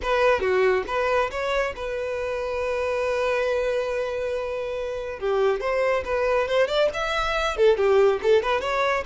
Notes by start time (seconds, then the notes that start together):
0.02 B4
0.40 F#4
0.87 B4
1.30 C#5
1.76 B4
5.19 G4
5.60 C5
6.04 B4
6.47 C5
6.67 D5
6.93 E5
7.56 A4
7.77 G4
8.22 A4
8.42 B4
8.60 C#5